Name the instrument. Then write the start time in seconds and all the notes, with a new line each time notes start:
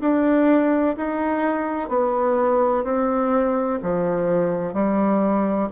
bassoon
0.00 D4
0.97 D#4
1.88 B3
2.84 C4
3.82 F3
4.73 G3